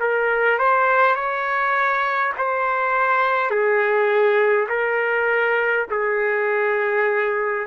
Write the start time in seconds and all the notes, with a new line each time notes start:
0.00 A#4
0.59 C5
1.16 C#5
2.39 C5
3.51 G#4
4.69 A#4
5.91 G#4